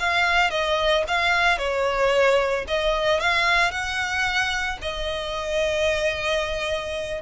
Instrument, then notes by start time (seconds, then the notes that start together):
violin
0.00 F5
0.51 D#5
1.08 F5
1.58 C#5
2.68 D#5
3.20 F5
3.72 F#5
4.82 D#5